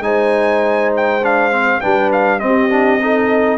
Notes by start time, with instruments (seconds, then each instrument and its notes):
0.00 tuba G#3, trombone D#4, horn C5, trumpet G#5
0.97 trumpet G5
1.23 trombone D4, trumpet F5
1.51 trombone C4
1.81 tuba G3, trombone D4, horn B4, trumpet G5
2.13 trumpet F5
2.40 trombone C4, tuba C4, trumpet D#5
2.46 horn G4
2.70 trombone D4
3.01 trombone D#4, horn A4